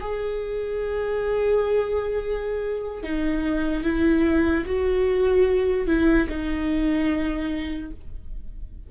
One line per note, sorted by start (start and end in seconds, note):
0.00 3.03 G#4
3.03 3.83 D#4
3.83 4.64 E4
4.65 5.87 F#4
5.87 6.28 E4
6.28 7.91 D#4